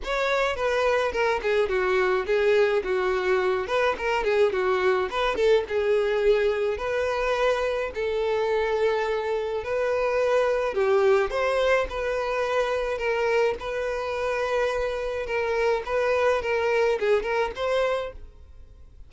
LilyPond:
\new Staff \with { instrumentName = "violin" } { \time 4/4 \tempo 4 = 106 cis''4 b'4 ais'8 gis'8 fis'4 | gis'4 fis'4. b'8 ais'8 gis'8 | fis'4 b'8 a'8 gis'2 | b'2 a'2~ |
a'4 b'2 g'4 | c''4 b'2 ais'4 | b'2. ais'4 | b'4 ais'4 gis'8 ais'8 c''4 | }